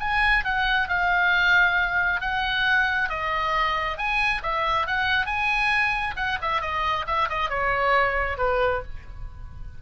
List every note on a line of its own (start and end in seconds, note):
0.00 0.44 G#5
0.44 0.88 F#5
0.88 2.21 F5
2.21 3.09 F#5
3.09 3.97 D#5
3.97 4.42 G#5
4.43 4.87 E5
4.87 5.26 F#5
5.26 6.14 G#5
6.16 6.38 F#5
6.41 6.61 E5
6.61 7.05 D#5
7.06 7.29 E5
7.29 7.49 D#5
7.49 8.37 C#5
8.38 8.82 B4